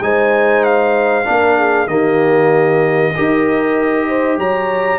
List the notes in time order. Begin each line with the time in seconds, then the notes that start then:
0.00 G#3 D#4 C5 G#5
0.64 F5
1.24 A#3 D4 A#4
1.57 G#4
1.87 D#3 A#3 G4 D#5
3.15 D#4 G4 A#4
4.08 C5
4.37 F#3 C#5 A#5